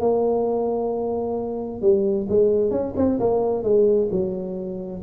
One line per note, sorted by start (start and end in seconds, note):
0.00 1.82 A#3
1.82 2.27 G3
2.29 2.71 G#3
2.71 2.94 C#4
2.97 3.19 C4
3.19 3.63 A#3
3.63 4.09 G#3
4.11 5.02 F#3